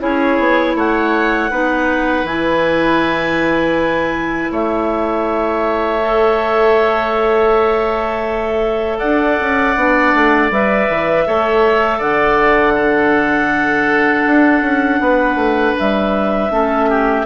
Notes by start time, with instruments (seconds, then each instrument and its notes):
0.00 bassoon C#4, clarinet E4 C#5, oboe G#4
0.39 bassoon B3
0.76 bassoon A3, oboe C#5, clarinet F#5
1.51 bassoon B3, clarinet D#4, oboe B4
2.24 bassoon E3, clarinet E4 G#5
4.52 bassoon A3, oboe C#5, clarinet E5
6.01 clarinet A4
8.99 bassoon D4, oboe D5, clarinet F#5
9.41 bassoon C#4
9.76 bassoon B3, clarinet D4
10.15 bassoon A3
10.51 bassoon G3, clarinet B4 E5
10.89 bassoon E3
11.27 bassoon A3, clarinet A4, oboe C#5
11.99 bassoon D3, oboe D5, clarinet F#5
12.75 clarinet D4, oboe A4
14.27 bassoon D4
14.62 bassoon C#4
15.01 bassoon B3, oboe B4
15.36 bassoon A3
15.79 bassoon G3, clarinet E5
16.51 bassoon A3, clarinet C#4, oboe A4
16.90 oboe G4